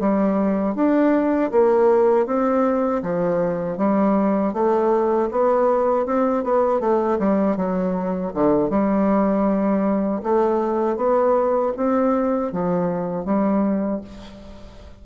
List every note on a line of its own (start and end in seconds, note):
0.00 0.75 G3
0.75 1.51 D4
1.52 2.26 A#3
2.26 3.02 C4
3.02 3.77 F3
3.77 4.53 G3
4.53 5.29 A3
5.31 6.06 B3
6.06 6.44 C4
6.44 6.80 B3
6.80 7.18 A3
7.19 7.56 G3
7.56 8.32 F#3
8.34 8.70 D3
8.70 10.22 G3
10.23 10.96 A3
10.96 11.72 B3
11.77 12.52 C4
12.52 13.25 F3
13.25 14.01 G3